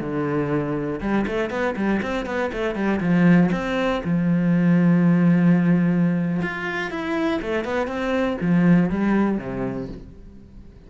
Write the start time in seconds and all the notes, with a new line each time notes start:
0.00 D3
1.00 G3
1.27 A3
1.50 B3
1.76 G3
2.02 C4
2.26 B3
2.52 A3
2.75 G3
3.00 F3
3.52 C4
4.04 F3
6.42 F4
6.90 E4
7.42 A3
7.64 B3
7.87 C4
8.41 F3
8.89 G3
9.38 C3